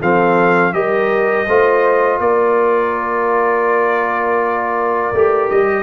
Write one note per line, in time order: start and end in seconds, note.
0.00 0.74 F3
0.00 0.74 C4
0.00 0.73 A4
0.00 0.73 F5
0.73 1.47 G3
0.73 1.47 G4
0.73 1.48 A#4
0.73 2.20 D#5
1.48 2.20 A3
1.48 5.15 F4
1.48 2.20 C5
2.20 5.12 A#3
2.20 5.83 A#4
2.20 5.50 D5
5.13 5.50 A3
5.13 5.83 G4
5.50 5.83 G3
5.50 5.83 D#5